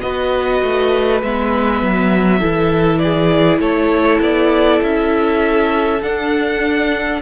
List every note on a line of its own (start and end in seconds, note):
0.00 0.62 B3
0.00 1.22 F#4
0.00 2.39 B4
0.00 1.20 D#5
0.62 1.22 A3
1.22 1.82 G#3
1.22 2.39 B3
1.22 2.98 E5
1.82 2.41 F#3
2.39 3.59 E3
2.39 5.99 E4
2.39 2.99 A4
2.98 3.60 G#4
2.98 3.58 D5
3.59 4.19 A3
3.59 7.21 A4
3.59 4.20 C#5
4.20 4.80 B3
4.20 4.82 D5
4.81 6.01 C#4
4.81 6.02 E5
6.02 7.21 D4
6.02 7.21 F#5